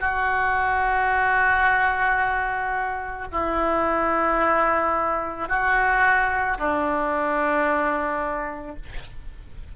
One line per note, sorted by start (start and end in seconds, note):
0.00 3.27 F#4
3.32 5.48 E4
5.48 6.58 F#4
6.58 8.76 D4